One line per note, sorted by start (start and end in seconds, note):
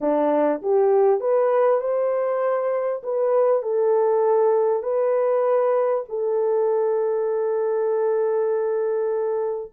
0.01 0.61 D4
0.62 1.20 G4
1.20 1.80 B4
1.80 3.02 C5
3.03 3.62 B4
3.62 4.83 A4
4.83 6.04 B4
6.08 9.72 A4